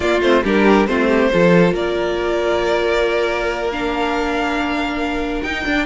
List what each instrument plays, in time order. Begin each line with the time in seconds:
0.00 cello A#3, viola A#3, violin F4 D5
0.21 cello A3, viola C4, violin C5
0.43 cello G3, viola D4, violin G4 A#4
0.86 cello A3, viola C4, violin F4 C5
1.07 violin G4
1.32 cello F3, viola F4, violin A4
1.72 cello A#3, violin A#4 D5
3.71 viola D4, violin F5
5.42 cello D#4, viola D#4, violin G5
5.65 viola D4, cello D4